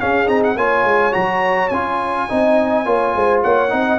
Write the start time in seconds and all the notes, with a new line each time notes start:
0.00 C#4 G#4 F5
0.26 C4 D#4 A#5
0.43 F#5
0.56 A#3 F4 C#5 G#5
0.84 G#3
1.12 F#3 F#4 A#5
1.69 C#4 F4 G#5
2.29 C4 D#4 D#5
2.85 A#3 F4 C#5
3.15 G#3 C5
3.43 A#3 C#5 F#5
3.69 C4 D#4 D#5